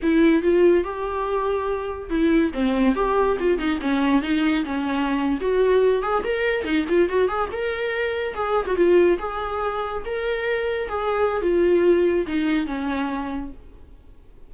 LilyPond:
\new Staff \with { instrumentName = "viola" } { \time 4/4 \tempo 4 = 142 e'4 f'4 g'2~ | g'4 e'4 c'4 g'4 | f'8 dis'8 cis'4 dis'4 cis'4~ | cis'8. fis'4. gis'8 ais'4 dis'16~ |
dis'16 f'8 fis'8 gis'8 ais'2 gis'16~ | gis'8 fis'16 f'4 gis'2 ais'16~ | ais'4.~ ais'16 gis'4~ gis'16 f'4~ | f'4 dis'4 cis'2 | }